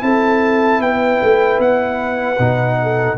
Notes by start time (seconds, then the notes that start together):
0.00 C4 E4 A4 A5
0.81 B3 B4 G5
1.23 A3
1.59 B3 F#5
2.39 B2 D#4
2.82 A4